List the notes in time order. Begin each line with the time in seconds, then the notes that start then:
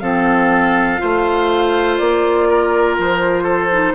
0.00 F3 C4 A4 F5
0.98 A3 F4 C5
1.98 A#3 D5
2.49 A#4
2.99 F3 C5
3.43 A4
3.72 D#4